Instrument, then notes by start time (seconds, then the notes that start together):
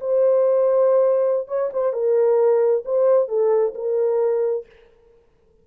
horn
0.00 C5
1.48 C#5
1.73 C5
1.93 A#4
2.85 C5
3.28 A4
3.75 A#4